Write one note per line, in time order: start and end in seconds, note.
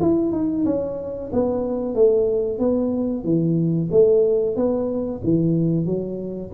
0.00 0.32 E4
0.32 0.64 D#4
0.65 1.30 C#4
1.32 1.94 B3
1.94 2.58 A3
2.58 3.24 B3
3.24 3.89 E3
3.91 4.56 A3
4.56 5.21 B3
5.23 5.85 E3
5.85 6.50 F#3